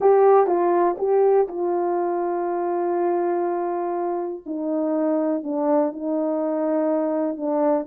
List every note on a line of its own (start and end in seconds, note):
0.00 0.46 G4
0.46 0.96 F4
0.98 1.47 G4
1.48 4.43 F4
4.46 5.43 D#4
5.43 5.92 D4
5.92 7.36 D#4
7.36 7.86 D4